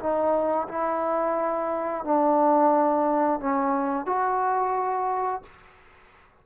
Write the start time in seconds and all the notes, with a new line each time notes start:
0.00 D#4
0.68 E4
2.05 D4
3.40 C#4
4.06 F#4